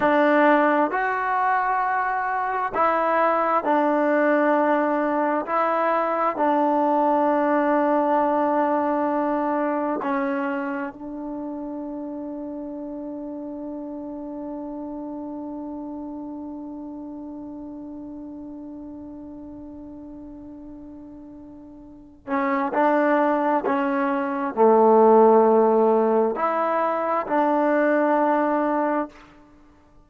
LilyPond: \new Staff \with { instrumentName = "trombone" } { \time 4/4 \tempo 4 = 66 d'4 fis'2 e'4 | d'2 e'4 d'4~ | d'2. cis'4 | d'1~ |
d'1~ | d'1~ | d'8 cis'8 d'4 cis'4 a4~ | a4 e'4 d'2 | }